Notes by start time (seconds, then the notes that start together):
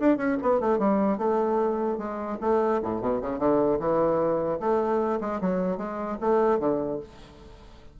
0.00 D4
0.18 C#4
0.43 B3
0.61 A3
0.79 G3
1.18 A3
1.98 G#3
2.41 A3
2.83 A2
3.01 B2
3.22 C#3
3.39 D3
3.80 E3
4.60 A3
5.21 G#3
5.41 F#3
5.78 G#3
6.21 A3
6.60 D3